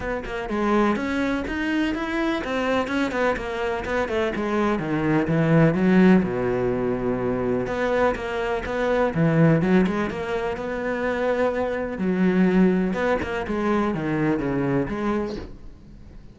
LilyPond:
\new Staff \with { instrumentName = "cello" } { \time 4/4 \tempo 4 = 125 b8 ais8 gis4 cis'4 dis'4 | e'4 c'4 cis'8 b8 ais4 | b8 a8 gis4 dis4 e4 | fis4 b,2. |
b4 ais4 b4 e4 | fis8 gis8 ais4 b2~ | b4 fis2 b8 ais8 | gis4 dis4 cis4 gis4 | }